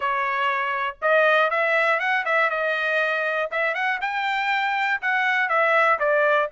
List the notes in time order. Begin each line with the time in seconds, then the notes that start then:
0.00 C#5
1.01 D#5
1.50 E5
1.99 F#5
2.25 E5
2.50 D#5
3.51 E5
3.74 F#5
4.01 G5
5.01 F#5
5.48 E5
5.99 D5